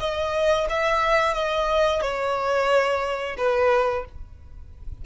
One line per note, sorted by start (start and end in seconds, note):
0.00 0.67 D#5
0.70 1.34 E5
1.34 2.02 D#5
2.02 3.37 C#5
3.38 4.05 B4